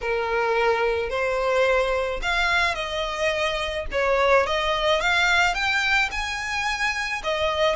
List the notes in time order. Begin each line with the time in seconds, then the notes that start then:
0.01 A#4
1.09 C5
2.22 F5
2.74 D#5
3.91 C#5
4.46 D#5
5.00 F5
5.54 G5
6.11 G#5
7.23 D#5